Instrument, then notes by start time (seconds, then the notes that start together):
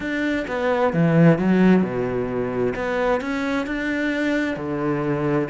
cello
0.00 D4
0.47 B3
0.93 E3
1.38 F#3
1.82 B2
2.75 B3
3.20 C#4
3.66 D4
4.56 D3